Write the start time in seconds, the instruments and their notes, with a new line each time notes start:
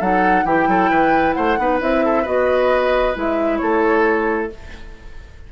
0.00 bassoon F#3, clarinet D#4, oboe A4, flute F#5
0.45 bassoon E3, clarinet E4, oboe G4, flute G5
0.68 bassoon F#3, oboe A4
0.90 bassoon E3, oboe B4
1.34 bassoon A3, oboe C5, flute F#5
1.58 bassoon B3, clarinet D#4, oboe B4
1.81 bassoon C4, clarinet E4, flute E5
2.06 oboe A4
2.23 bassoon B3, clarinet F#4, oboe B4, flute D#5
3.15 bassoon G#3, clarinet E4, flute E5
3.58 bassoon A3, oboe A4, flute C#5